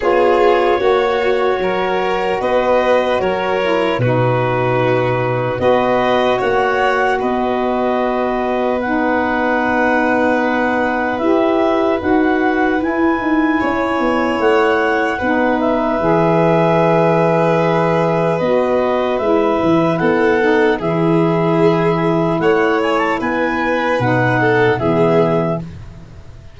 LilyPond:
<<
  \new Staff \with { instrumentName = "clarinet" } { \time 4/4 \tempo 4 = 75 cis''2. dis''4 | cis''4 b'2 dis''4 | fis''4 dis''2 fis''4~ | fis''2 e''4 fis''4 |
gis''2 fis''4. e''8~ | e''2. dis''4 | e''4 fis''4 e''2 | fis''8 gis''16 a''16 gis''4 fis''4 e''4 | }
  \new Staff \with { instrumentName = "violin" } { \time 4/4 gis'4 fis'4 ais'4 b'4 | ais'4 fis'2 b'4 | cis''4 b'2.~ | b'1~ |
b'4 cis''2 b'4~ | b'1~ | b'4 a'4 gis'2 | cis''4 b'4. a'8 gis'4 | }
  \new Staff \with { instrumentName = "saxophone" } { \time 4/4 f'4 fis'2.~ | fis'8 e'8 dis'2 fis'4~ | fis'2. dis'4~ | dis'2 g'4 fis'4 |
e'2. dis'4 | gis'2. fis'4 | e'4. dis'8 e'2~ | e'2 dis'4 b4 | }
  \new Staff \with { instrumentName = "tuba" } { \time 4/4 b4 ais4 fis4 b4 | fis4 b,2 b4 | ais4 b2.~ | b2 e'4 dis'4 |
e'8 dis'8 cis'8 b8 a4 b4 | e2. b4 | gis8 e8 b4 e2 | a4 b4 b,4 e4 | }
>>